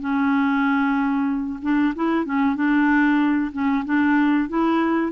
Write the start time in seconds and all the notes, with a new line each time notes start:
0.00 C#4
1.62 D4
1.95 E4
2.25 C#4
2.56 D4
3.53 C#4
3.85 D4
4.49 E4